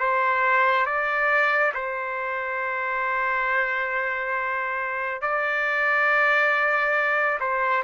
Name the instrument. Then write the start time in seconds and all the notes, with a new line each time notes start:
trumpet
0.00 C5
0.86 D5
1.74 C5
5.22 D5
7.40 C5